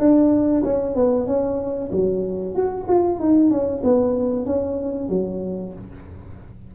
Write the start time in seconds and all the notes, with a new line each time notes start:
0.00 D4
0.64 C#4
0.95 B3
1.27 C#4
1.92 F#3
2.55 F#4
2.88 F4
3.20 D#4
3.51 C#4
3.84 B3
4.46 C#4
5.09 F#3